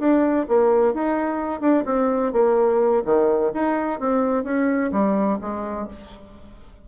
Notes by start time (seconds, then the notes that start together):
0.00 D4
0.49 A#3
0.94 D#4
1.61 D4
1.86 C4
2.33 A#3
3.06 D#3
3.54 D#4
4.01 C4
4.44 C#4
4.92 G3
5.41 G#3